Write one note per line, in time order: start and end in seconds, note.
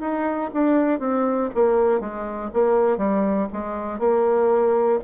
0.00 0.50 D#4
0.54 0.99 D4
0.99 1.49 C4
1.55 2.00 A#3
2.00 2.50 G#3
2.53 2.97 A#3
2.97 3.47 G3
3.53 3.99 G#3
3.99 4.99 A#3